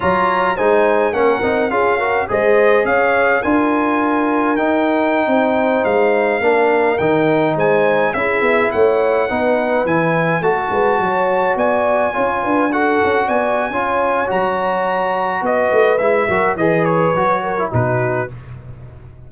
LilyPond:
<<
  \new Staff \with { instrumentName = "trumpet" } { \time 4/4 \tempo 4 = 105 ais''4 gis''4 fis''4 f''4 | dis''4 f''4 gis''2 | g''2~ g''16 f''4.~ f''16~ | f''16 g''4 gis''4 e''4 fis''8.~ |
fis''4~ fis''16 gis''4 a''4.~ a''16~ | a''16 gis''2 fis''4 gis''8.~ | gis''4 ais''2 dis''4 | e''4 dis''8 cis''4. b'4 | }
  \new Staff \with { instrumentName = "horn" } { \time 4/4 cis''4 c''4 ais'4 gis'8 ais'8 | c''4 cis''4 ais'2~ | ais'4~ ais'16 c''2 ais'8.~ | ais'4~ ais'16 c''4 gis'4 cis''8.~ |
cis''16 b'2 a'8 b'8 cis''8.~ | cis''16 d''4 cis''8 b'8 a'4 d''8. | cis''2. b'4~ | b'8 ais'8 b'4. ais'8 fis'4 | }
  \new Staff \with { instrumentName = "trombone" } { \time 4/4 f'4 dis'4 cis'8 dis'8 f'8 fis'8 | gis'2 f'2 | dis'2.~ dis'16 d'8.~ | d'16 dis'2 e'4.~ e'16~ |
e'16 dis'4 e'4 fis'4.~ fis'16~ | fis'4~ fis'16 f'4 fis'4.~ fis'16 | f'4 fis'2. | e'8 fis'8 gis'4 fis'8. e'16 dis'4 | }
  \new Staff \with { instrumentName = "tuba" } { \time 4/4 fis4 gis4 ais8 c'8 cis'4 | gis4 cis'4 d'2 | dis'4~ dis'16 c'4 gis4 ais8.~ | ais16 dis4 gis4 cis'8 b8 a8.~ |
a16 b4 e4 a8 gis8 fis8.~ | fis16 b4 cis'8 d'4 cis'8 b8. | cis'4 fis2 b8 a8 | gis8 fis8 e4 fis4 b,4 | }
>>